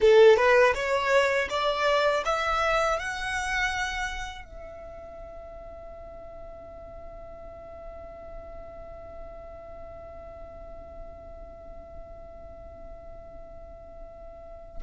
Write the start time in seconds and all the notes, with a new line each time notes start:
0.00 A4
0.36 B4
0.74 C#5
1.49 D5
2.25 E5
2.99 F#5
4.44 E5